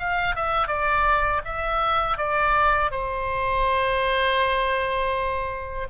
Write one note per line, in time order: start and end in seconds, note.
0.00 0.36 F5
0.36 0.68 E5
0.68 1.42 D5
1.45 2.18 E5
2.18 2.92 D5
2.92 5.88 C5